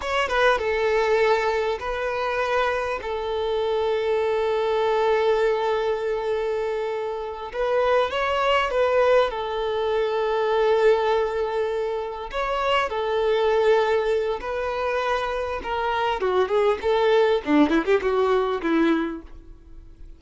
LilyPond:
\new Staff \with { instrumentName = "violin" } { \time 4/4 \tempo 4 = 100 cis''8 b'8 a'2 b'4~ | b'4 a'2.~ | a'1~ | a'8 b'4 cis''4 b'4 a'8~ |
a'1~ | a'8 cis''4 a'2~ a'8 | b'2 ais'4 fis'8 gis'8 | a'4 d'8 e'16 g'16 fis'4 e'4 | }